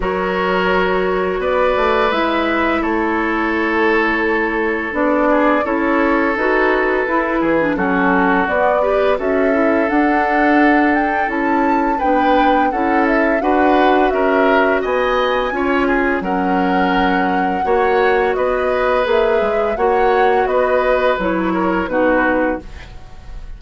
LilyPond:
<<
  \new Staff \with { instrumentName = "flute" } { \time 4/4 \tempo 4 = 85 cis''2 d''4 e''4 | cis''2. d''4 | cis''4 b'2 a'4 | d''4 e''4 fis''4. g''8 |
a''4 g''4 fis''8 e''8 fis''4 | e''4 gis''2 fis''4~ | fis''2 dis''4 e''4 | fis''4 dis''4 cis''4 b'4 | }
  \new Staff \with { instrumentName = "oboe" } { \time 4/4 ais'2 b'2 | a'2.~ a'8 gis'8 | a'2~ a'8 gis'8 fis'4~ | fis'8 b'8 a'2.~ |
a'4 b'4 a'4 b'4 | ais'4 dis''4 cis''8 gis'8 ais'4~ | ais'4 cis''4 b'2 | cis''4 b'4. ais'8 fis'4 | }
  \new Staff \with { instrumentName = "clarinet" } { \time 4/4 fis'2. e'4~ | e'2. d'4 | e'4 fis'4 e'8. d'16 cis'4 | b8 g'8 fis'8 e'8 d'2 |
e'4 d'4 e'4 fis'4~ | fis'2 f'4 cis'4~ | cis'4 fis'2 gis'4 | fis'2 e'4 dis'4 | }
  \new Staff \with { instrumentName = "bassoon" } { \time 4/4 fis2 b8 a8 gis4 | a2. b4 | cis'4 dis'4 e'8 e8 fis4 | b4 cis'4 d'2 |
cis'4 b4 cis'4 d'4 | cis'4 b4 cis'4 fis4~ | fis4 ais4 b4 ais8 gis8 | ais4 b4 fis4 b,4 | }
>>